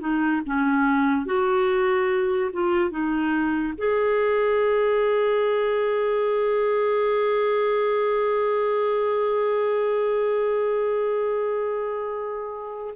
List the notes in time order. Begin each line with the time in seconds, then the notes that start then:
0.00 D#4
0.46 C#4
1.26 F#4
2.53 F4
2.91 D#4
3.78 G#4